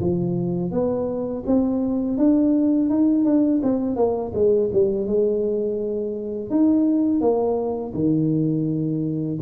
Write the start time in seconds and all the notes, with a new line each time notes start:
0.00 F3
0.71 B3
1.46 C4
2.18 D4
2.89 D#4
3.25 D4
3.62 C4
3.96 A#3
4.34 G#3
4.73 G3
5.06 G#3
6.50 D#4
7.21 A#3
7.94 D#3